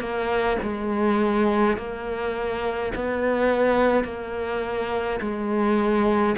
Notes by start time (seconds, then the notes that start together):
0.00 A#3
0.62 G#3
1.77 A#3
2.95 B3
4.04 A#3
5.21 G#3